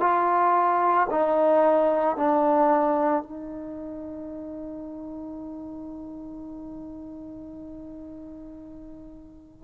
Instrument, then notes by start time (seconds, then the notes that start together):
trombone
0.00 F4
1.10 D#4
2.16 D4
3.23 D#4